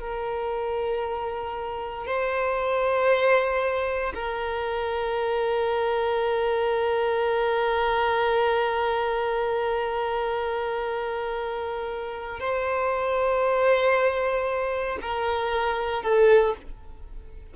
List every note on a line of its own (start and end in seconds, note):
0.00 2.07 A#4
2.07 4.14 C5
4.15 12.40 A#4
12.40 14.99 C5
15.02 16.03 A#4
16.03 16.55 A4